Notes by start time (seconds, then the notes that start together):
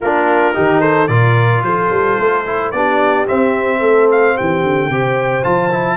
0.00 A#3 D4 F4 A#4
0.54 D#3 D#4 G4
0.80 A4 C5
1.07 A#2 F4 A#4 D5
1.62 F3 A4 C5
1.90 G3
2.18 A3
2.46 E4
2.71 B3 D4 G4 D5
3.26 C4 E5
3.79 A3 A4
4.11 F5
4.36 E3 G4 G5
4.62 D3
4.89 C3 G4 C5
5.42 F3 F4 A5
5.71 E4